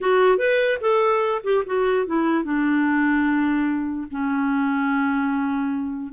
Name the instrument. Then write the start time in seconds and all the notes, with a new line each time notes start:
clarinet
0.00 F#4
0.38 B4
0.81 A4
1.43 G4
1.65 F#4
2.06 E4
2.44 D4
4.10 C#4